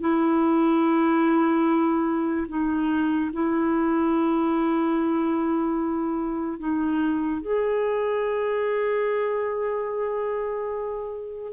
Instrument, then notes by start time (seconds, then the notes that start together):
clarinet
0.00 E4
2.48 D#4
3.33 E4
6.59 D#4
7.42 G#4